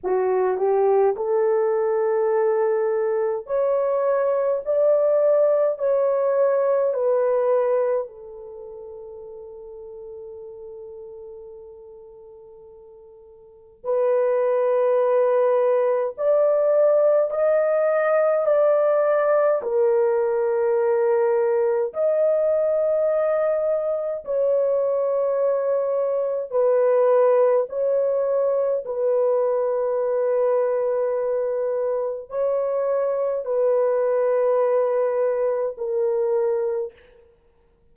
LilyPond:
\new Staff \with { instrumentName = "horn" } { \time 4/4 \tempo 4 = 52 fis'8 g'8 a'2 cis''4 | d''4 cis''4 b'4 a'4~ | a'1 | b'2 d''4 dis''4 |
d''4 ais'2 dis''4~ | dis''4 cis''2 b'4 | cis''4 b'2. | cis''4 b'2 ais'4 | }